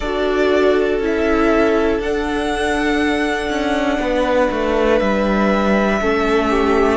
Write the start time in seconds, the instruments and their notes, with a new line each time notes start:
0.00 cello D4, viola F#4, violin A4 D5
0.99 cello C#4, viola E4
1.05 violin E5
1.99 cello D4, viola D4, violin F#5
3.49 cello C#4
3.98 cello B3, violin B4
4.50 cello A3
4.99 cello G3, violin E5
6.00 cello A3, viola C#4, violin A4
6.49 violin G4